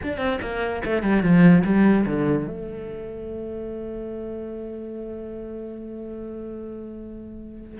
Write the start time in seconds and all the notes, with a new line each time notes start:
0.02 D4
0.17 C4
0.41 A#3
0.84 A3
1.02 G3
1.22 F3
1.64 G3
2.06 D3
2.47 A3